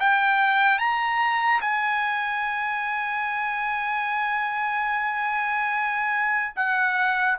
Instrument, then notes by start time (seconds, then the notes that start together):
trumpet
0.00 G5
0.79 A#5
1.61 G#5
6.56 F#5